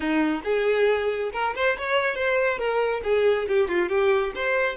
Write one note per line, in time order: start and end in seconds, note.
0.00 0.40 D#4
0.43 1.30 G#4
1.33 1.54 A#4
1.55 1.77 C5
1.77 2.15 C#5
2.15 2.58 C5
2.58 3.01 A#4
3.03 3.47 G#4
3.48 3.68 G4
3.68 3.89 F4
3.89 4.32 G4
4.35 4.77 C5